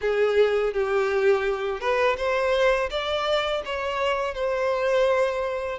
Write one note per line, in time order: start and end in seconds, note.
0.01 0.73 G#4
0.73 1.80 G4
1.80 2.16 B4
2.17 2.89 C5
2.90 3.62 D5
3.65 4.34 C#5
4.34 5.78 C5